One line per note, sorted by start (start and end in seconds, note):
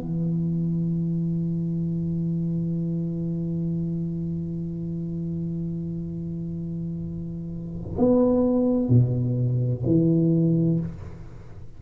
0.00 7.97 E3
7.99 8.90 B3
8.90 9.84 B2
9.86 10.80 E3